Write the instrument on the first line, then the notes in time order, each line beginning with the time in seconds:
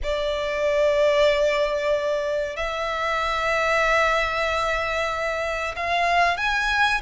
violin
0.03 D5
2.56 E5
5.76 F5
6.37 G#5